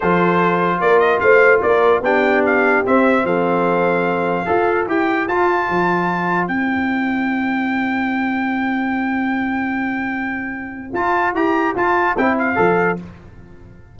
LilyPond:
<<
  \new Staff \with { instrumentName = "trumpet" } { \time 4/4 \tempo 4 = 148 c''2 d''8 dis''8 f''4 | d''4 g''4 f''4 e''4 | f''1 | g''4 a''2. |
g''1~ | g''1~ | g''2. a''4 | ais''4 a''4 g''8 f''4. | }
  \new Staff \with { instrumentName = "horn" } { \time 4/4 a'2 ais'4 c''4 | ais'4 g'2. | a'2. c''4~ | c''1~ |
c''1~ | c''1~ | c''1~ | c''1 | }
  \new Staff \with { instrumentName = "trombone" } { \time 4/4 f'1~ | f'4 d'2 c'4~ | c'2. a'4 | g'4 f'2. |
e'1~ | e'1~ | e'2. f'4 | g'4 f'4 e'4 a'4 | }
  \new Staff \with { instrumentName = "tuba" } { \time 4/4 f2 ais4 a4 | ais4 b2 c'4 | f2. f'4 | e'4 f'4 f2 |
c'1~ | c'1~ | c'2. f'4 | e'4 f'4 c'4 f4 | }
>>